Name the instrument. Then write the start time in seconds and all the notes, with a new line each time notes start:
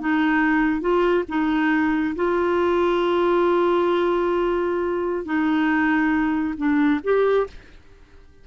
clarinet
0.00 D#4
0.81 F4
1.29 D#4
2.15 F4
5.25 D#4
6.57 D4
7.04 G4